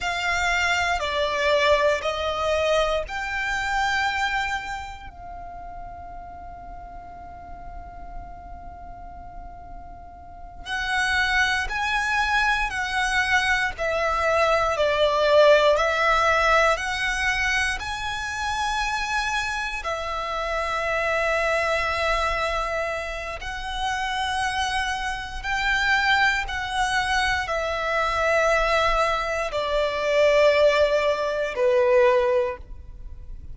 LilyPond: \new Staff \with { instrumentName = "violin" } { \time 4/4 \tempo 4 = 59 f''4 d''4 dis''4 g''4~ | g''4 f''2.~ | f''2~ f''8 fis''4 gis''8~ | gis''8 fis''4 e''4 d''4 e''8~ |
e''8 fis''4 gis''2 e''8~ | e''2. fis''4~ | fis''4 g''4 fis''4 e''4~ | e''4 d''2 b'4 | }